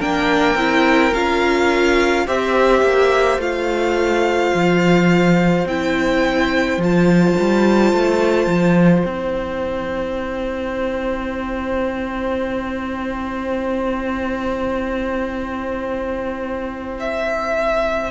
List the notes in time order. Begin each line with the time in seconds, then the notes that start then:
0.00 A#3 D4 A#4 G5
0.55 C4 E4
1.14 C#4 F4 F5
2.27 C4 G4 C5 E5
2.83 A#3
3.38 A3 F4 F5
4.54 F3
5.66 C4 E4 G5
6.78 F3 F4 A5
7.40 G3
7.93 A3
8.47 F3
9.05 C4 E4 G5
17.00 E5